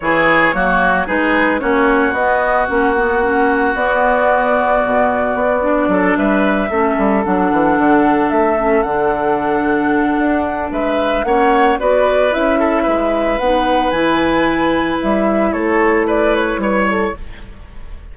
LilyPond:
<<
  \new Staff \with { instrumentName = "flute" } { \time 4/4 \tempo 4 = 112 cis''2 b'4 cis''4 | dis''4 fis''2 d''4~ | d''2.~ d''8 e''8~ | e''4. fis''2 e''8~ |
e''8 fis''2.~ fis''8 | e''4 fis''4 d''4 e''4~ | e''4 fis''4 gis''2 | e''4 cis''4 d''8 cis''8 b'8 a'8 | }
  \new Staff \with { instrumentName = "oboe" } { \time 4/4 gis'4 fis'4 gis'4 fis'4~ | fis'1~ | fis'2. a'8 b'8~ | b'8 a'2.~ a'8~ |
a'1 | b'4 cis''4 b'4. a'8 | b'1~ | b'4 a'4 b'4 cis''4 | }
  \new Staff \with { instrumentName = "clarinet" } { \time 4/4 e'4 ais4 dis'4 cis'4 | b4 cis'8 b8 cis'4 b4~ | b2~ b8 d'4.~ | d'8 cis'4 d'2~ d'8 |
cis'8 d'2.~ d'8~ | d'4 cis'4 fis'4 e'4~ | e'4 dis'4 e'2~ | e'1 | }
  \new Staff \with { instrumentName = "bassoon" } { \time 4/4 e4 fis4 gis4 ais4 | b4 ais2 b4~ | b4 b,4 b4 fis8 g8~ | g8 a8 g8 fis8 e8 d4 a8~ |
a8 d2~ d8 d'4 | gis4 ais4 b4 cis'4 | gis4 b4 e2 | g4 a2 g4 | }
>>